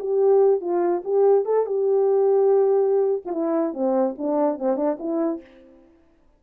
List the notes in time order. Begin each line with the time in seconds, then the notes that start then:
0.00 G4
0.61 F4
1.05 G4
1.46 A4
1.66 G4
3.26 F4
3.32 E4
3.74 C4
4.19 D4
4.59 C4
4.77 D4
5.00 E4